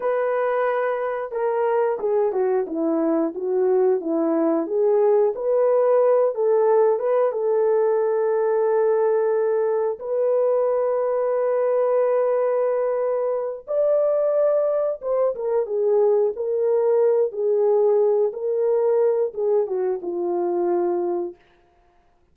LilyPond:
\new Staff \with { instrumentName = "horn" } { \time 4/4 \tempo 4 = 90 b'2 ais'4 gis'8 fis'8 | e'4 fis'4 e'4 gis'4 | b'4. a'4 b'8 a'4~ | a'2. b'4~ |
b'1~ | b'8 d''2 c''8 ais'8 gis'8~ | gis'8 ais'4. gis'4. ais'8~ | ais'4 gis'8 fis'8 f'2 | }